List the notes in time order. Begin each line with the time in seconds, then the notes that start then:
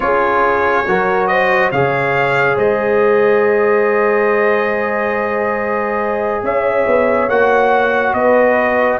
0.00 C#4 F4 G#4 C#5
0.87 F#3 F#4 A#4
1.27 C5 D#5
1.71 C#3 G#4 C#5 F5
2.56 G#3 C5 D#5
6.42 C#4 C#5 E5
6.86 B3
7.28 A#3 F#4 F#5
8.13 B3 B4 D#5